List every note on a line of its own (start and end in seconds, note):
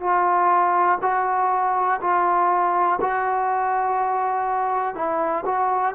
0.00 0.98 F4
1.01 2.00 F#4
2.01 2.99 F4
3.01 4.95 F#4
4.95 5.44 E4
5.45 5.94 F#4